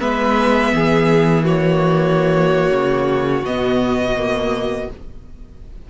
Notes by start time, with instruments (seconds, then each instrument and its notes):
0.00 cello G#3, viola B3, violin B4 E5
0.73 cello E3, violin G#4
1.45 viola A#3, violin F#4 C#5
2.71 cello C#3
3.44 cello B2, viola B3, violin D#5
4.17 viola A#3